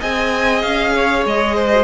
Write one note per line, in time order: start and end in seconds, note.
0.00 0.64 C4
0.00 1.71 G#4
0.00 0.93 D#5
0.00 0.62 G#5
0.62 1.25 C#4
0.62 1.24 F5
0.95 1.56 C#5
1.25 1.84 G#3
1.25 1.84 D#5
1.56 1.84 C5
1.73 1.84 F#4